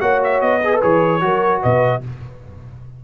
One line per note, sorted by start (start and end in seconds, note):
0.00 0.41 A#3
0.00 0.60 F#4
0.00 0.60 C#5
0.00 0.20 F#5
0.23 0.40 E5
0.40 0.81 B3
0.40 0.80 D#5
0.62 0.73 G#4
0.62 1.22 B4
0.73 0.82 A4
0.82 1.22 E3
0.82 1.20 G#4
0.82 1.62 C#5
1.20 1.62 F#3
1.20 2.00 F#4
1.20 1.62 A#4
1.62 2.04 B2
1.62 2.02 B4
1.62 2.02 D#5